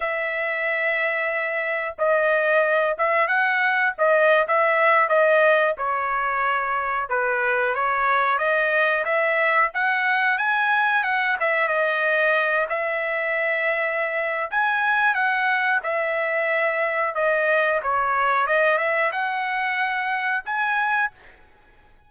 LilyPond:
\new Staff \with { instrumentName = "trumpet" } { \time 4/4 \tempo 4 = 91 e''2. dis''4~ | dis''8 e''8 fis''4 dis''8. e''4 dis''16~ | dis''8. cis''2 b'4 cis''16~ | cis''8. dis''4 e''4 fis''4 gis''16~ |
gis''8. fis''8 e''8 dis''4. e''8.~ | e''2 gis''4 fis''4 | e''2 dis''4 cis''4 | dis''8 e''8 fis''2 gis''4 | }